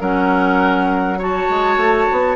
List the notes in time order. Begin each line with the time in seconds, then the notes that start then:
0.00 F#3 C#4 A#4 F#5
1.18 F#4 C#5 A5
1.49 G#3
1.76 A3
2.11 B3